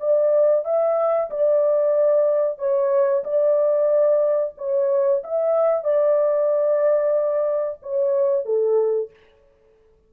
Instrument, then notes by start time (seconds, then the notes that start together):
horn
0.00 D5
0.65 E5
1.30 D5
2.58 C#5
3.24 D5
4.58 C#5
5.24 E5
5.84 D5
7.83 C#5
8.45 A4